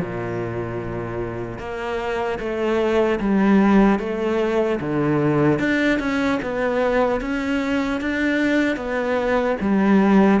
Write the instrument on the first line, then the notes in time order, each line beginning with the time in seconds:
cello
0.00 A#2
1.59 A#3
2.39 A3
3.20 G3
3.99 A3
4.80 D3
5.59 D4
5.99 C#4
6.42 B3
7.20 C#4
8.00 D4
8.76 B3
9.60 G3